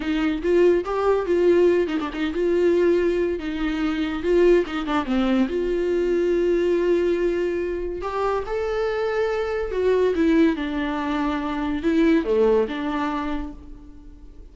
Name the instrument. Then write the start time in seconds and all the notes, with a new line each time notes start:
viola
0.00 D#4
0.42 F4
0.84 G4
1.26 F4
1.87 D#4
2.00 D4
2.13 D#4
2.33 F4
3.39 D#4
4.22 F4
4.66 D#4
4.86 D4
5.05 C4
5.48 F4
8.01 G4
8.46 A4
9.71 F#4
10.15 E4
10.56 D4
11.83 E4
12.24 A3
12.68 D4